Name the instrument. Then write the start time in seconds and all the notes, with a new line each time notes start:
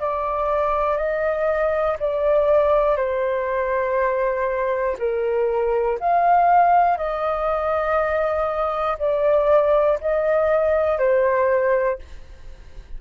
flute
0.00 D5
0.97 D#5
2.00 D5
2.97 C5
4.99 A#4
6.00 F5
6.98 D#5
8.99 D5
10.00 D#5
10.99 C5